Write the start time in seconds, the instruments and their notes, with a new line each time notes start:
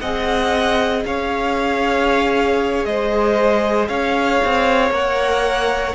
0.00 cello C4, viola G#4, violin D#5 F#5
1.05 cello C#4, violin C#5 F5
2.86 cello G#3, violin C5 D#5
3.88 cello C#4, violin C#5 F5
4.45 cello C4
4.91 cello A#3, viola A#4, violin F#5